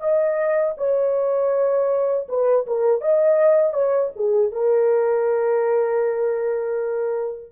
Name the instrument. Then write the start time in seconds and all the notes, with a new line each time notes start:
horn
0.00 D#5
0.78 C#5
2.29 B4
2.67 A#4
3.01 D#5
3.74 C#5
4.16 G#4
4.52 A#4